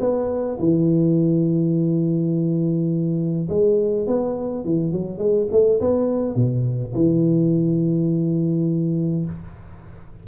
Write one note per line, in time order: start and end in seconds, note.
0.00 0.58 B3
0.59 3.48 E3
3.49 4.06 G#3
4.06 4.64 B3
4.64 4.92 E3
4.92 5.18 F#3
5.18 5.47 G#3
5.51 5.80 A3
5.80 6.35 B3
6.35 6.93 B2
6.94 9.25 E3